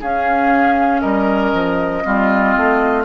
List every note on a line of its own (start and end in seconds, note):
0.00 1.03 C#4
0.00 2.04 C#4
0.00 1.01 G#4
0.00 1.00 F5
1.00 1.53 G3
1.00 2.03 A#4
1.00 3.04 D#5
1.53 2.04 F3
2.04 2.56 G3
2.04 3.05 C4
2.04 3.05 F4
2.57 3.05 A3